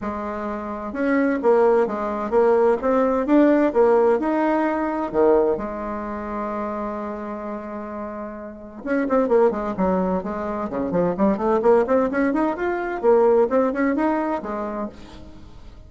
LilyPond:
\new Staff \with { instrumentName = "bassoon" } { \time 4/4 \tempo 4 = 129 gis2 cis'4 ais4 | gis4 ais4 c'4 d'4 | ais4 dis'2 dis4 | gis1~ |
gis2. cis'8 c'8 | ais8 gis8 fis4 gis4 cis8 f8 | g8 a8 ais8 c'8 cis'8 dis'8 f'4 | ais4 c'8 cis'8 dis'4 gis4 | }